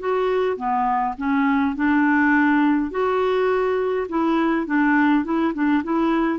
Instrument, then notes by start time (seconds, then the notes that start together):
clarinet
0.00 F#4
0.57 B3
1.18 C#4
1.76 D4
2.91 F#4
4.09 E4
4.67 D4
5.25 E4
5.54 D4
5.84 E4